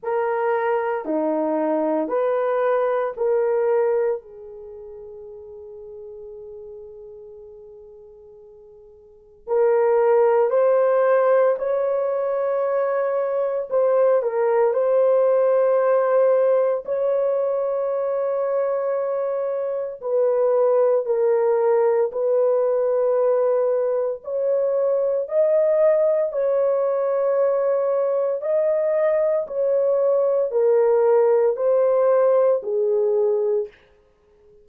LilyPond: \new Staff \with { instrumentName = "horn" } { \time 4/4 \tempo 4 = 57 ais'4 dis'4 b'4 ais'4 | gis'1~ | gis'4 ais'4 c''4 cis''4~ | cis''4 c''8 ais'8 c''2 |
cis''2. b'4 | ais'4 b'2 cis''4 | dis''4 cis''2 dis''4 | cis''4 ais'4 c''4 gis'4 | }